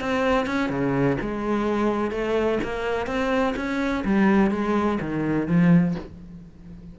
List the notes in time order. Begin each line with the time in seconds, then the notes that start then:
0.00 C4
0.46 C#4
0.69 C#3
1.21 G#3
2.11 A3
2.63 A#3
3.06 C4
3.56 C#4
4.04 G3
4.51 G#3
5.00 D#3
5.47 F3